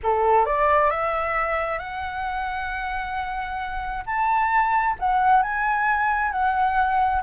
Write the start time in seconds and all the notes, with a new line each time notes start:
0.03 A4
0.45 D5
0.90 E5
1.79 F#5
4.06 A5
4.99 F#5
5.42 G#5
6.31 F#5